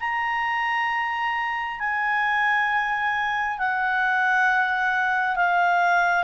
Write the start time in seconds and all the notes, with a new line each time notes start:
0.00 A#5
1.79 G#5
3.58 F#5
5.36 F5